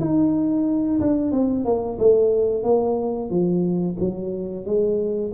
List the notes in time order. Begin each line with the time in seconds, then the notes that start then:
0.00 D#4
1.01 D4
1.32 C4
1.65 A#3
1.99 A3
2.63 A#3
3.30 F3
4.00 F#3
4.65 G#3